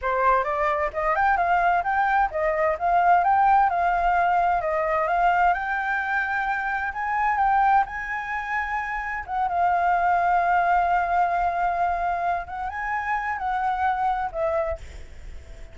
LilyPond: \new Staff \with { instrumentName = "flute" } { \time 4/4 \tempo 4 = 130 c''4 d''4 dis''8 g''8 f''4 | g''4 dis''4 f''4 g''4 | f''2 dis''4 f''4 | g''2. gis''4 |
g''4 gis''2. | fis''8 f''2.~ f''8~ | f''2. fis''8 gis''8~ | gis''4 fis''2 e''4 | }